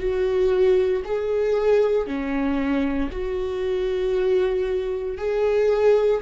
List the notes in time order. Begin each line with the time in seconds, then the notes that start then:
0.00 F#4
1.05 G#4
2.07 C#4
3.12 F#4
5.18 G#4